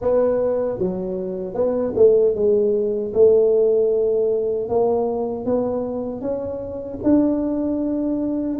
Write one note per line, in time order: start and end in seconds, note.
0.01 0.78 B3
0.78 1.54 F#3
1.54 1.93 B3
1.96 2.34 A3
2.34 3.12 G#3
3.13 4.68 A3
4.68 5.45 A#3
5.45 6.21 B3
6.21 6.99 C#4
7.03 8.59 D4